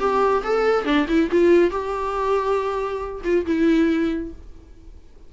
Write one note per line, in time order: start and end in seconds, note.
0.00 0.43 G4
0.44 0.85 A4
0.85 1.07 D4
1.08 1.30 E4
1.31 1.71 F4
1.71 3.22 G4
3.24 3.46 F4
3.46 4.33 E4